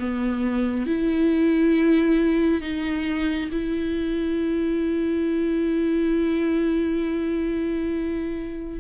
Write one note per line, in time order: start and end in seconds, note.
0.00 0.87 B3
0.87 2.61 E4
2.61 3.50 D#4
3.52 8.81 E4